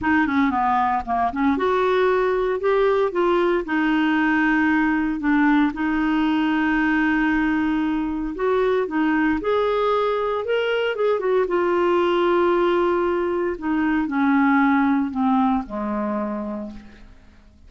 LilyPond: \new Staff \with { instrumentName = "clarinet" } { \time 4/4 \tempo 4 = 115 dis'8 cis'8 b4 ais8 cis'8 fis'4~ | fis'4 g'4 f'4 dis'4~ | dis'2 d'4 dis'4~ | dis'1 |
fis'4 dis'4 gis'2 | ais'4 gis'8 fis'8 f'2~ | f'2 dis'4 cis'4~ | cis'4 c'4 gis2 | }